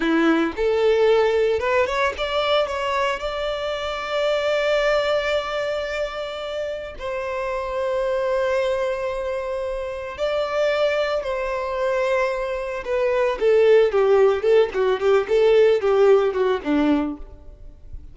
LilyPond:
\new Staff \with { instrumentName = "violin" } { \time 4/4 \tempo 4 = 112 e'4 a'2 b'8 cis''8 | d''4 cis''4 d''2~ | d''1~ | d''4 c''2.~ |
c''2. d''4~ | d''4 c''2. | b'4 a'4 g'4 a'8 fis'8 | g'8 a'4 g'4 fis'8 d'4 | }